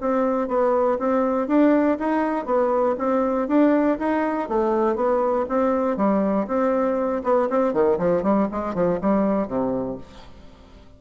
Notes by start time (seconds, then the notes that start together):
0.00 C4
0.48 B3
0.98 C4
1.47 D4
1.99 D#4
2.45 B3
2.98 C4
3.48 D4
3.98 D#4
4.48 A3
4.95 B3
5.48 C4
5.96 G3
6.47 C4
7.23 B3
7.49 C4
7.73 D#3
7.98 F3
8.22 G3
8.51 G#3
8.74 F3
9.01 G3
9.47 C3